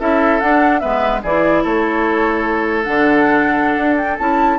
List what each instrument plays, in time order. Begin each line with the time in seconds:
0.00 bassoon C#4, clarinet E4, oboe A4, flute E5
0.40 bassoon D4, clarinet D4, flute F#5
0.80 bassoon G#3, clarinet B3, oboe B4, flute E5
1.23 bassoon E3, clarinet E4, oboe G#4, flute D5
1.64 bassoon A3, oboe A4, flute C#5
2.84 bassoon D3, clarinet D4, flute F#5
3.77 bassoon D4
3.98 flute G5
4.19 bassoon C#4, clarinet E4, flute A5